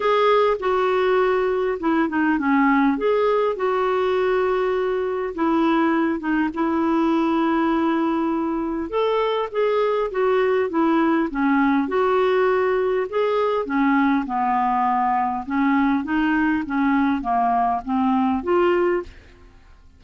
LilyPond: \new Staff \with { instrumentName = "clarinet" } { \time 4/4 \tempo 4 = 101 gis'4 fis'2 e'8 dis'8 | cis'4 gis'4 fis'2~ | fis'4 e'4. dis'8 e'4~ | e'2. a'4 |
gis'4 fis'4 e'4 cis'4 | fis'2 gis'4 cis'4 | b2 cis'4 dis'4 | cis'4 ais4 c'4 f'4 | }